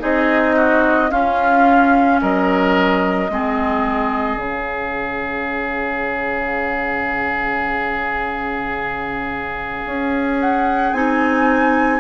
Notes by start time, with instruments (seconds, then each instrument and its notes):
0.00 bassoon C4, clarinet D#4, oboe G#4, flute D#5
0.56 oboe F#4
1.11 clarinet C#4, bassoon C#4, oboe F4, flute F5
2.22 bassoon F#3, oboe A#4, flute D#5
3.30 bassoon G#3, clarinet C4, oboe G#4
4.37 bassoon C#3, clarinet C#4, flute F5
9.86 bassoon C#4
10.40 flute F#5
10.93 bassoon C4, clarinet D#4, flute G#5